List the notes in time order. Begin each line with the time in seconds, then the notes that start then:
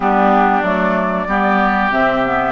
0.00 G3 B3 D4 G4
0.62 F#3 A3 D5
1.27 G3 B3 G4
1.91 C3 C4 E5
2.24 B3